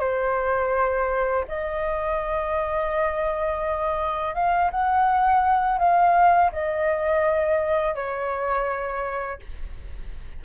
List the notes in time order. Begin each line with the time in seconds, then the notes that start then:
0.00 C5
1.48 D#5
4.34 F5
4.71 F#5
5.78 F5
6.52 D#5
7.95 C#5